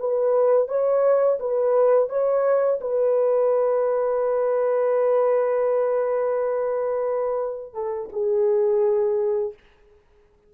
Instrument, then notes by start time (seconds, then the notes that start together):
horn
0.00 B4
0.68 C#5
1.40 B4
2.10 C#5
2.81 B4
7.74 A4
8.13 G#4